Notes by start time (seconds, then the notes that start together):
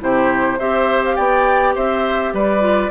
0.00 C3 E4 G4 C5
0.59 C4 G4 C5 E5
1.06 F5
1.16 B3 D5 G5
1.75 C4 C5 E5
2.34 G3 B4 D5
2.61 F4